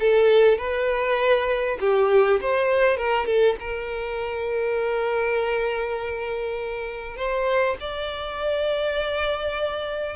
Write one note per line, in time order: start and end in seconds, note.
0.00 0.58 A4
0.58 1.78 B4
1.81 2.41 G4
2.42 2.98 C5
2.98 3.26 A#4
3.26 3.56 A4
3.60 7.17 A#4
7.17 7.77 C5
7.81 10.17 D5